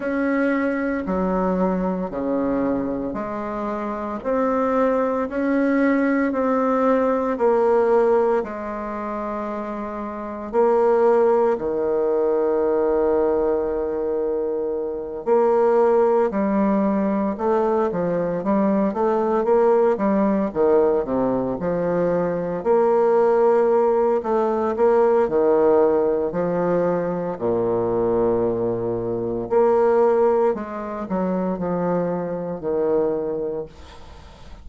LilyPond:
\new Staff \with { instrumentName = "bassoon" } { \time 4/4 \tempo 4 = 57 cis'4 fis4 cis4 gis4 | c'4 cis'4 c'4 ais4 | gis2 ais4 dis4~ | dis2~ dis8 ais4 g8~ |
g8 a8 f8 g8 a8 ais8 g8 dis8 | c8 f4 ais4. a8 ais8 | dis4 f4 ais,2 | ais4 gis8 fis8 f4 dis4 | }